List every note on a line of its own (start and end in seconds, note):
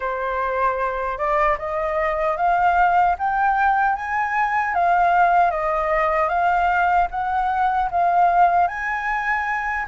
0.00 1.17 C5
1.17 1.57 D5
1.58 2.36 D#5
2.36 3.15 F5
3.18 3.95 G5
3.95 4.74 G#5
4.74 5.50 F5
5.50 6.28 D#5
6.28 7.07 F5
7.11 7.89 F#5
7.91 8.67 F5
8.67 9.85 G#5